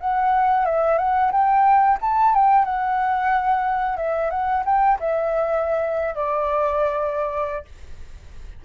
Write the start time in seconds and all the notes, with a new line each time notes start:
0.00 F#5
0.65 E5
0.98 F#5
1.32 G5
2.01 A5
2.34 G5
2.65 F#5
3.97 E5
4.31 F#5
4.65 G5
4.99 E5
6.15 D5